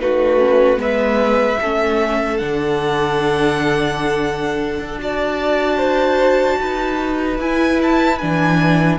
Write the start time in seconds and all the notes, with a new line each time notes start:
0.00 A3 D#4 F#4 B4
0.39 C#4
0.77 G#3 B3 B4 E5
1.61 A3 C#4 A4
2.38 D3 D4 F#5
4.79 D4
4.99 F#4 D5 A5
5.78 C5
6.61 D#4 B4
7.39 E4 G#5
7.82 A5
8.19 E3 D4 G#5